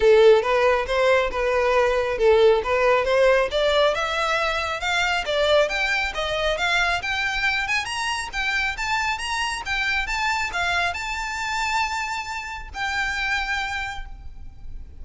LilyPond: \new Staff \with { instrumentName = "violin" } { \time 4/4 \tempo 4 = 137 a'4 b'4 c''4 b'4~ | b'4 a'4 b'4 c''4 | d''4 e''2 f''4 | d''4 g''4 dis''4 f''4 |
g''4. gis''8 ais''4 g''4 | a''4 ais''4 g''4 a''4 | f''4 a''2.~ | a''4 g''2. | }